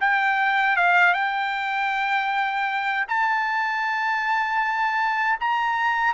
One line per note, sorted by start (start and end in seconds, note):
0.00 0.76 G5
0.76 1.13 F5
1.13 3.06 G5
3.08 5.38 A5
5.40 6.14 A#5